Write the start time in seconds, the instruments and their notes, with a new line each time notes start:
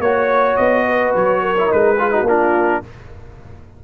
0.00 tuba A#3, trombone F#4, trumpet C#5, horn C#5
0.57 tuba B3, trumpet D#5
0.88 horn B4
1.16 tuba F#3, trumpet C#5
1.42 horn A#4
1.59 trombone E4
1.68 tuba G#3, trombone D#4, trumpet B4
1.98 trombone F4, horn G#4
2.12 trombone D#4, horn F#4
2.22 tuba A#3, horn F4
2.28 trombone D4, trumpet A#4